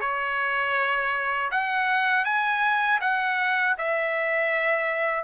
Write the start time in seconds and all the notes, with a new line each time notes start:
0.00 C#5
1.51 F#5
2.24 G#5
3.00 F#5
3.77 E5